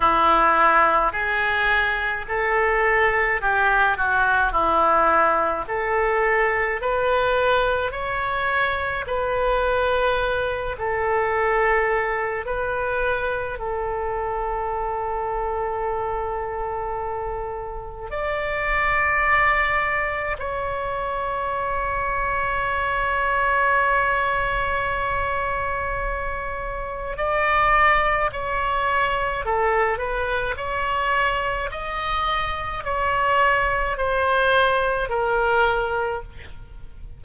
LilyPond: \new Staff \with { instrumentName = "oboe" } { \time 4/4 \tempo 4 = 53 e'4 gis'4 a'4 g'8 fis'8 | e'4 a'4 b'4 cis''4 | b'4. a'4. b'4 | a'1 |
d''2 cis''2~ | cis''1 | d''4 cis''4 a'8 b'8 cis''4 | dis''4 cis''4 c''4 ais'4 | }